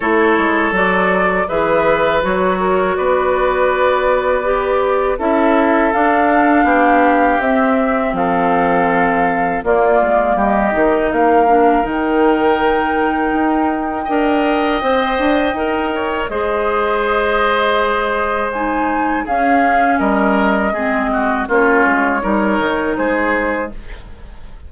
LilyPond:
<<
  \new Staff \with { instrumentName = "flute" } { \time 4/4 \tempo 4 = 81 cis''4 d''4 e''4 cis''4 | d''2. e''4 | f''2 e''4 f''4~ | f''4 d''4 dis''4 f''4 |
g''1~ | g''2 dis''2~ | dis''4 gis''4 f''4 dis''4~ | dis''4 cis''2 c''4 | }
  \new Staff \with { instrumentName = "oboe" } { \time 4/4 a'2 b'4. ais'8 | b'2. a'4~ | a'4 g'2 a'4~ | a'4 f'4 g'4 ais'4~ |
ais'2. dis''4~ | dis''4. cis''8 c''2~ | c''2 gis'4 ais'4 | gis'8 fis'8 f'4 ais'4 gis'4 | }
  \new Staff \with { instrumentName = "clarinet" } { \time 4/4 e'4 fis'4 gis'4 fis'4~ | fis'2 g'4 e'4 | d'2 c'2~ | c'4 ais4. dis'4 d'8 |
dis'2. ais'4 | c''4 ais'4 gis'2~ | gis'4 dis'4 cis'2 | c'4 cis'4 dis'2 | }
  \new Staff \with { instrumentName = "bassoon" } { \time 4/4 a8 gis8 fis4 e4 fis4 | b2. cis'4 | d'4 b4 c'4 f4~ | f4 ais8 gis8 g8 dis8 ais4 |
dis2 dis'4 d'4 | c'8 d'8 dis'4 gis2~ | gis2 cis'4 g4 | gis4 ais8 gis8 g8 dis8 gis4 | }
>>